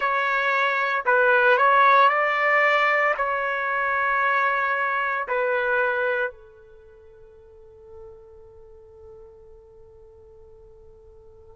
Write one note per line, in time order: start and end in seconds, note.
0.00 1.04 C#5
1.05 1.57 B4
1.57 2.09 C#5
2.09 3.14 D5
3.17 5.27 C#5
5.27 6.31 B4
6.31 11.56 A4